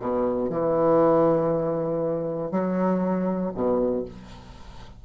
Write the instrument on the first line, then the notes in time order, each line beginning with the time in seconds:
bassoon
0.00 B2
0.50 E3
2.52 F#3
3.55 B2